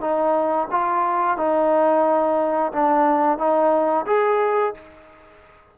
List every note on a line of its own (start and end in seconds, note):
0.00 0.67 D#4
0.71 1.37 F4
1.37 2.72 D#4
2.72 3.38 D4
3.38 4.05 D#4
4.06 4.73 G#4